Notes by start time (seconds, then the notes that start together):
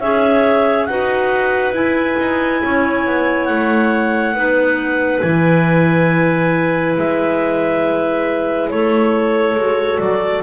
0.00 C#4 G#4 C#5 E5
0.85 D#4 F#4 B4 F#5
1.72 E4 G#5
2.19 D#4
2.62 C#4 C#5
3.06 B3
3.45 A3 F#5
4.34 B3 D#4 B4
5.20 E3 E4 G#5
6.97 G#3 E5
8.69 A3 A4 C#5
9.55 G#3 F#4
9.99 F#3 D5